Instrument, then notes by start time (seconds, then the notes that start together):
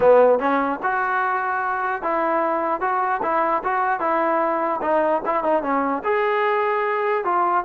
trombone
0.00 B3
0.39 C#4
0.82 F#4
2.02 E4
2.80 F#4
3.22 E4
3.63 F#4
4.00 E4
4.81 D#4
5.25 E4
5.43 D#4
5.62 C#4
6.03 G#4
7.24 F4